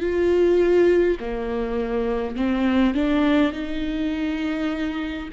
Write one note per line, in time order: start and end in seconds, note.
0.00 1.18 F4
1.20 2.36 A#3
2.36 2.94 C4
2.94 3.52 D4
3.52 5.29 D#4